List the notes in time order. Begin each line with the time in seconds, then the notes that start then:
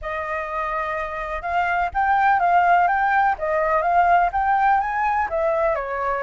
0.01 D#5
1.42 F5
1.93 G5
2.39 F5
2.87 G5
3.38 D#5
3.82 F5
4.32 G5
4.80 G#5
5.29 E5
5.75 C#5